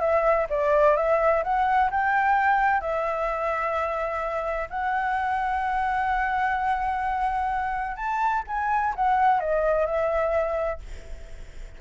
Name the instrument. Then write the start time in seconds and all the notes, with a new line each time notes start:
flute
0.00 E5
0.50 D5
0.96 E5
1.44 F#5
1.91 G5
2.81 E5
4.70 F#5
7.96 A5
8.47 G#5
8.96 F#5
9.40 D#5
9.86 E5